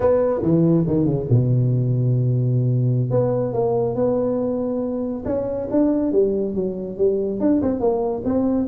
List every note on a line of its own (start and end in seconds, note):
0.00 0.41 B3
0.42 0.85 E3
0.87 1.05 D#3
1.05 1.26 C#3
1.29 3.10 B2
3.10 3.53 B3
3.53 3.95 A#3
3.95 5.23 B3
5.25 5.68 C#4
5.71 6.11 D4
6.11 6.54 G3
6.54 6.97 F#3
6.97 7.39 G3
7.39 7.61 D4
7.61 7.80 C4
7.80 8.22 A#3
8.24 8.67 C4